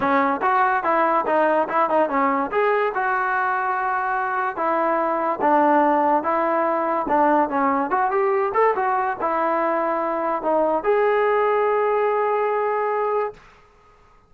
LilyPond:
\new Staff \with { instrumentName = "trombone" } { \time 4/4 \tempo 4 = 144 cis'4 fis'4 e'4 dis'4 | e'8 dis'8 cis'4 gis'4 fis'4~ | fis'2. e'4~ | e'4 d'2 e'4~ |
e'4 d'4 cis'4 fis'8 g'8~ | g'8 a'8 fis'4 e'2~ | e'4 dis'4 gis'2~ | gis'1 | }